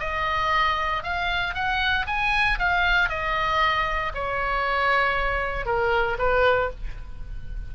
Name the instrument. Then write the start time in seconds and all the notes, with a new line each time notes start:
oboe
0.00 D#5
1.03 F5
1.55 F#5
2.07 G#5
2.59 F5
3.09 D#5
4.15 C#5
5.66 A#4
6.19 B4